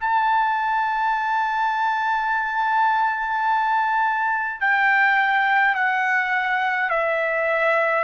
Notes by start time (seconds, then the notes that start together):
0.00 A5
4.60 G5
5.75 F#5
6.90 E5